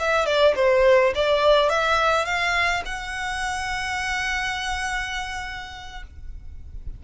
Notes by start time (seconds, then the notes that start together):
0.00 E5
0.26 D5
0.56 C5
1.15 D5
1.70 E5
2.26 F5
2.86 F#5